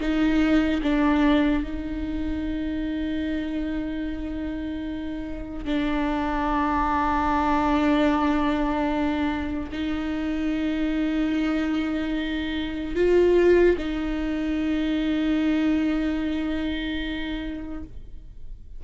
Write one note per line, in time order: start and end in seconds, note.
0.00 0.81 D#4
0.82 1.63 D4
1.63 5.65 D#4
5.65 9.70 D4
9.72 12.95 D#4
12.95 13.76 F4
13.78 17.83 D#4